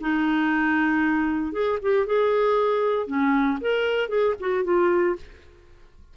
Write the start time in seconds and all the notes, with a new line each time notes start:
0.00 D#4
1.52 G#4
1.82 G4
2.06 G#4
3.07 C#4
3.61 A#4
4.08 G#4
4.40 F#4
4.64 F4